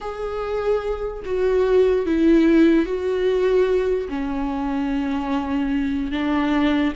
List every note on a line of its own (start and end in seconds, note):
0.00 1.23 G#4
1.25 2.06 F#4
2.06 2.85 E4
2.85 4.08 F#4
4.08 6.11 C#4
6.11 6.93 D4